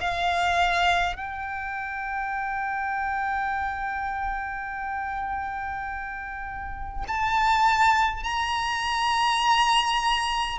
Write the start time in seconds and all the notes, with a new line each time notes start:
0.00 F5
1.16 G5
7.07 A5
8.24 A#5